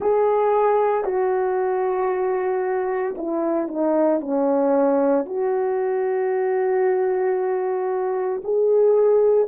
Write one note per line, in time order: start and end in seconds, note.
0.00 1.04 G#4
1.04 3.15 F#4
3.17 3.68 E4
3.68 4.20 D#4
4.20 5.25 C#4
5.25 8.41 F#4
8.44 9.48 G#4